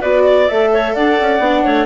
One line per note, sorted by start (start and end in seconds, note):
0.00 0.49 B3
0.00 0.49 F#4
0.00 0.23 B4
0.00 0.48 D5
0.24 0.71 D5
0.48 0.96 A3
0.48 1.42 A4
0.48 0.95 E5
0.73 0.95 C#5
0.95 1.19 D4
0.95 1.65 D5
0.95 1.85 F#5
1.21 1.39 C#4
1.39 1.62 B3
1.39 1.85 D4
1.65 1.85 A3
1.65 1.85 C#5